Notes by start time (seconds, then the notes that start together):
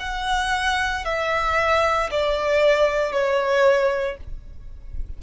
0.00 F#5
1.05 E5
2.11 D5
3.12 C#5